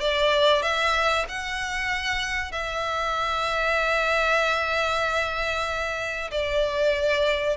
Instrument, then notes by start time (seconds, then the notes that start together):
violin
0.00 D5
0.62 E5
1.28 F#5
2.51 E5
6.30 D5